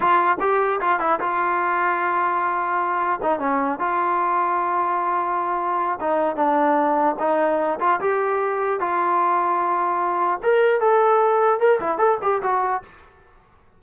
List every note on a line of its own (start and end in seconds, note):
0.00 0.37 F4
0.39 0.79 G4
0.80 0.99 F4
0.99 1.19 E4
1.20 3.20 F4
3.22 3.39 D#4
3.39 3.79 C#4
3.79 5.99 F4
6.00 6.36 D#4
6.36 7.16 D4
7.19 7.79 D#4
7.79 7.99 F4
8.00 8.80 G4
8.80 10.40 F4
10.43 10.80 A#4
10.80 11.59 A4
11.59 11.79 A#4
11.80 11.98 E4
11.98 12.18 A4
12.22 12.42 G4
12.42 12.82 F#4